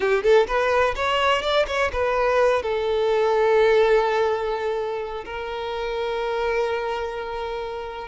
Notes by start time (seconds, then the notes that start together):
0.00 G4
0.23 A4
0.47 B4
0.95 C#5
1.42 D5
1.67 C#5
1.92 B4
2.62 A4
5.25 A#4